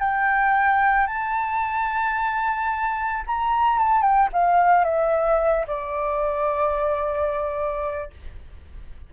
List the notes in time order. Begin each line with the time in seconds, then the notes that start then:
0.00 G5
1.07 A5
3.27 A#5
3.79 A5
4.02 G5
4.33 F5
4.85 E5
5.68 D5